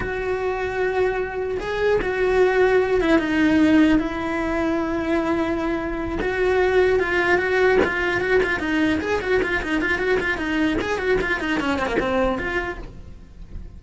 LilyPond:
\new Staff \with { instrumentName = "cello" } { \time 4/4 \tempo 4 = 150 fis'1 | gis'4 fis'2~ fis'8 e'8 | dis'2 e'2~ | e'2.~ e'8 fis'8~ |
fis'4. f'4 fis'4 f'8~ | f'8 fis'8 f'8 dis'4 gis'8 fis'8 f'8 | dis'8 f'8 fis'8 f'8 dis'4 gis'8 fis'8 | f'8 dis'8 cis'8 c'16 ais16 c'4 f'4 | }